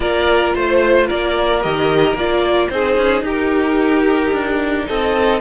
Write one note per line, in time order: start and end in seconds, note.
0.00 0.54 A#3
0.00 1.62 F4
0.00 0.55 A#4
0.00 0.53 D5
0.54 1.09 A3
0.54 1.08 C5
0.54 1.06 C5
1.06 1.64 A#3
1.06 2.68 A#4
1.06 1.62 D5
1.62 2.13 D#3
1.62 2.16 G4
1.62 2.16 D#5
2.13 2.67 A#3
2.13 2.71 F4
2.13 2.69 D5
2.69 2.97 C4
2.69 5.40 D#4
2.69 3.24 G#4
2.69 3.23 C5
2.97 3.21 C#4
3.21 4.30 D#4
3.21 4.86 G4
3.27 4.87 A#4
4.32 4.86 D4
4.87 5.40 C4
4.87 5.40 A4
4.87 5.40 D#5